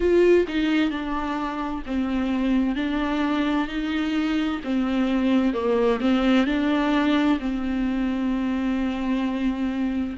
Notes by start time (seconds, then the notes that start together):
0.00 F4
0.47 D#4
0.90 D4
1.85 C4
2.75 D4
3.68 D#4
4.64 C4
5.53 A#3
6.00 C4
6.46 D4
7.39 C4